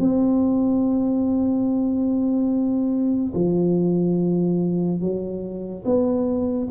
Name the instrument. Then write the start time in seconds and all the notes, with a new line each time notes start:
tuba
0.00 C4
3.35 F3
5.01 F#3
5.85 B3